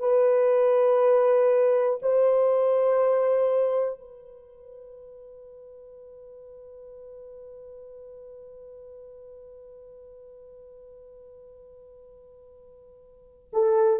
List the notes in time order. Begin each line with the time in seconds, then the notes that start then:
0.00 B4
2.02 C5
4.00 B4
13.53 A4